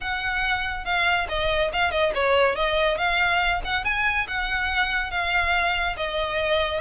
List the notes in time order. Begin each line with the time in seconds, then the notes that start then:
0.01 F#5
0.84 F5
1.28 D#5
1.72 F5
1.91 D#5
2.14 C#5
2.55 D#5
2.97 F5
3.64 F#5
3.84 G#5
4.27 F#5
5.10 F5
5.97 D#5